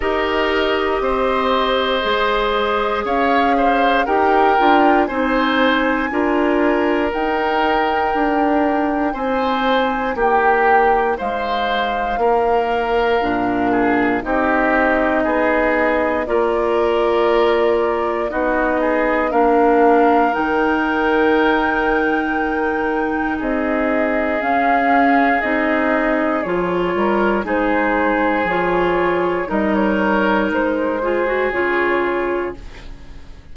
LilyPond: <<
  \new Staff \with { instrumentName = "flute" } { \time 4/4 \tempo 4 = 59 dis''2. f''4 | g''4 gis''2 g''4~ | g''4 gis''4 g''4 f''4~ | f''2 dis''2 |
d''2 dis''4 f''4 | g''2. dis''4 | f''4 dis''4 cis''4 c''4 | cis''4 dis''16 cis''8. c''4 cis''4 | }
  \new Staff \with { instrumentName = "oboe" } { \time 4/4 ais'4 c''2 cis''8 c''8 | ais'4 c''4 ais'2~ | ais'4 c''4 g'4 c''4 | ais'4. gis'8 g'4 gis'4 |
ais'2 fis'8 gis'8 ais'4~ | ais'2. gis'4~ | gis'2~ gis'8 ais'8 gis'4~ | gis'4 ais'4. gis'4. | }
  \new Staff \with { instrumentName = "clarinet" } { \time 4/4 g'2 gis'2 | g'8 f'8 dis'4 f'4 dis'4~ | dis'1~ | dis'4 d'4 dis'2 |
f'2 dis'4 d'4 | dis'1 | cis'4 dis'4 f'4 dis'4 | f'4 dis'4. f'16 fis'16 f'4 | }
  \new Staff \with { instrumentName = "bassoon" } { \time 4/4 dis'4 c'4 gis4 cis'4 | dis'8 d'8 c'4 d'4 dis'4 | d'4 c'4 ais4 gis4 | ais4 ais,4 c'4 b4 |
ais2 b4 ais4 | dis2. c'4 | cis'4 c'4 f8 g8 gis4 | f4 g4 gis4 cis4 | }
>>